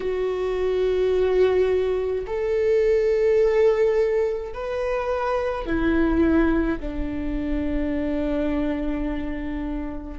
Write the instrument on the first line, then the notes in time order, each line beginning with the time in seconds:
viola
0.00 F#4
2.26 A4
4.53 B4
5.66 E4
6.79 D4